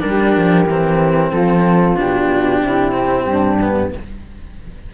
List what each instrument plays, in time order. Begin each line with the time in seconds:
0.00 cello G3 D4, saxophone G4, flute A#4
0.37 cello F3
0.66 cello E3 C4
1.30 cello F3, saxophone F4, flute A4
1.96 cello B2 D4, flute G4
2.62 cello C3, saxophone E4
2.92 cello C4
3.26 cello G2, saxophone D4
3.61 cello B3